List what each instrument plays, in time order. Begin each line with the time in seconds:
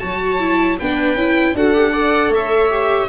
0.00 tuba F#3, viola F#4 C#5, violin A5
0.40 viola E4
0.78 tuba B3, viola D4 B4, violin G5
1.15 tuba C#4, viola E4
1.55 tuba D4, viola F#4 A4, violin F#5
1.74 viola G4
1.93 viola A4 D5
2.29 tuba A3, viola C#5, violin E5
2.70 viola G4